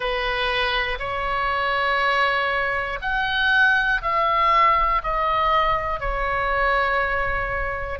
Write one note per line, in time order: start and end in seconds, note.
0.00 0.98 B4
0.99 2.99 C#5
3.01 4.01 F#5
4.01 5.01 E5
5.03 6.00 D#5
6.00 8.00 C#5